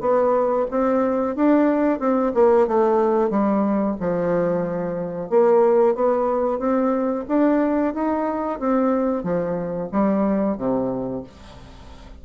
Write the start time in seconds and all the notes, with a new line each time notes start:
0.00 B3
0.70 C4
1.35 D4
1.99 C4
2.34 A#3
2.67 A3
3.30 G3
4.00 F3
5.30 A#3
5.95 B3
6.59 C4
7.28 D4
7.94 D#4
8.59 C4
9.23 F3
9.92 G3
10.57 C3